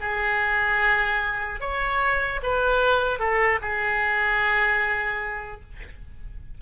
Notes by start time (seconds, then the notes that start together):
0.00 G#4
1.60 C#5
2.43 B4
3.19 A4
3.61 G#4